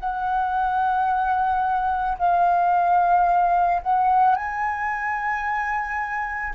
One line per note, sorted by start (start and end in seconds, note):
0.00 2.18 F#5
2.18 3.82 F5
3.82 4.36 F#5
4.36 6.54 G#5